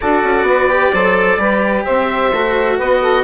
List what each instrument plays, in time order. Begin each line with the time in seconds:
0.00 bassoon D4, cello F#4, saxophone A4, oboe D5
0.23 bassoon C#4
0.42 bassoon B3, saxophone B4
0.70 cello G4
0.93 bassoon F#3, cello A4, saxophone C5
1.37 bassoon G3, cello G4, saxophone B4
1.84 bassoon C4, saxophone C5, oboe E5
2.32 bassoon A3, cello F#4
2.77 bassoon B3, saxophone B4, oboe D#5
3.01 saxophone A4